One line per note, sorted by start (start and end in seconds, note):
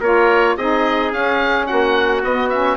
0.00 0.56 A#3
0.00 0.58 F4
0.00 0.56 A#4
0.00 0.56 C#5
0.56 1.11 C4
0.56 1.13 D#4
0.56 1.68 G#4
0.56 1.12 D#5
1.11 1.67 C#4
1.11 2.23 C#4
1.11 1.66 F5
1.66 2.23 A#3
1.66 2.77 F#4
1.66 2.22 F#5
2.23 2.77 B3
2.23 2.51 B3
2.23 2.49 D#5
2.49 2.77 C#4
2.49 2.77 E5